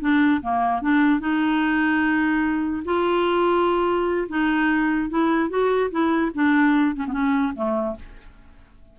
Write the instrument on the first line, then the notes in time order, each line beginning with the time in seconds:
clarinet
0.00 D4
0.41 A#3
0.81 D4
1.20 D#4
2.84 F4
4.28 D#4
5.09 E4
5.49 F#4
5.91 E4
6.34 D4
6.95 C#4
7.07 B3 C#4
7.55 A3